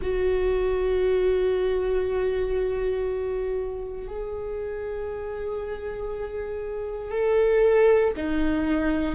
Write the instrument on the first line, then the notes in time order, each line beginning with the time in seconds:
viola
0.01 F#4
4.07 G#4
7.11 A4
8.16 D#4